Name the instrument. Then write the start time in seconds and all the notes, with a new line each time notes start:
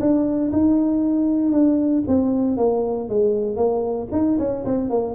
tuba
0.00 D4
0.52 D#4
1.52 D4
2.08 C4
2.57 A#3
3.10 G#3
3.57 A#3
4.12 D#4
4.39 C#4
4.65 C4
4.90 A#3